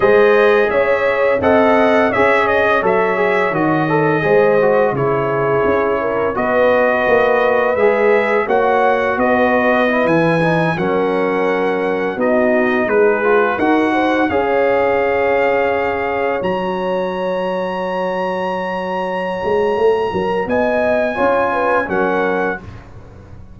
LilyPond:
<<
  \new Staff \with { instrumentName = "trumpet" } { \time 4/4 \tempo 4 = 85 dis''4 e''4 fis''4 e''8 dis''8 | e''4 dis''2 cis''4~ | cis''4 dis''2 e''4 | fis''4 dis''4~ dis''16 gis''4 fis''8.~ |
fis''4~ fis''16 dis''4 b'4 fis''8.~ | fis''16 f''2. ais''8.~ | ais''1~ | ais''4 gis''2 fis''4 | }
  \new Staff \with { instrumentName = "horn" } { \time 4/4 c''4 cis''4 dis''4 cis''4~ | cis''2 c''4 gis'4~ | gis'8 ais'8 b'2. | cis''4 b'2~ b'16 ais'8.~ |
ais'4~ ais'16 fis'4 gis'4 ais'8 c''16~ | c''16 cis''2.~ cis''8.~ | cis''1~ | cis''8 ais'8 dis''4 cis''8 b'8 ais'4 | }
  \new Staff \with { instrumentName = "trombone" } { \time 4/4 gis'2 a'4 gis'4 | a'8 gis'8 fis'8 a'8 gis'8 fis'8 e'4~ | e'4 fis'2 gis'4 | fis'2 e'8. dis'8 cis'8.~ |
cis'4~ cis'16 dis'4. f'8 fis'8.~ | fis'16 gis'2. fis'8.~ | fis'1~ | fis'2 f'4 cis'4 | }
  \new Staff \with { instrumentName = "tuba" } { \time 4/4 gis4 cis'4 c'4 cis'4 | fis4 dis4 gis4 cis4 | cis'4 b4 ais4 gis4 | ais4 b4~ b16 e4 fis8.~ |
fis4~ fis16 b4 gis4 dis'8.~ | dis'16 cis'2. fis8.~ | fis2.~ fis8 gis8 | a8 fis8 b4 cis'4 fis4 | }
>>